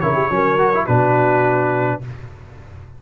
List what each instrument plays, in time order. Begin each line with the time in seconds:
0.00 tuba C#3, trombone E4, horn A#4, trumpet C#5
0.14 horn G4
0.30 tuba F#3, trombone C#4, horn A#4
0.58 trombone F#4
0.74 trombone E4
0.85 tuba B2, trombone D4, horn F#4, trumpet B4